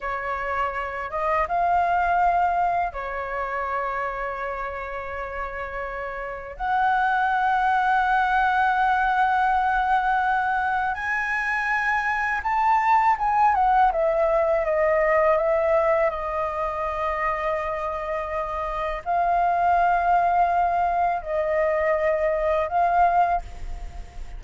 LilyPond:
\new Staff \with { instrumentName = "flute" } { \time 4/4 \tempo 4 = 82 cis''4. dis''8 f''2 | cis''1~ | cis''4 fis''2.~ | fis''2. gis''4~ |
gis''4 a''4 gis''8 fis''8 e''4 | dis''4 e''4 dis''2~ | dis''2 f''2~ | f''4 dis''2 f''4 | }